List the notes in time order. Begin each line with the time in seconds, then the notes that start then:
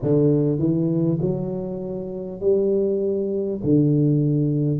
0.02 D3
0.58 E3
1.21 F#3
2.40 G3
3.63 D3